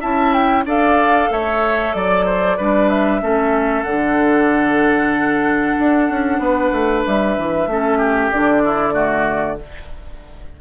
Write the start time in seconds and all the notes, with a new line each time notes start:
0.00 C#4 E4 E5 A5
0.32 G5
0.64 D4 A4 D5 F5
1.30 A3 C#5 E5
1.93 F#3 D5
2.25 C5
2.57 G3 D4 B4
2.89 E5
3.21 A3 C#4 A4
3.83 D3 D4 F#5
5.79 D4
6.09 C#4
6.38 B3 B4
6.72 A3
7.06 G3 E5
7.37 E3
7.66 A3 C#4 A4
7.97 G4
8.31 D3 D4 D5
8.65 E4
8.92 A3 F#4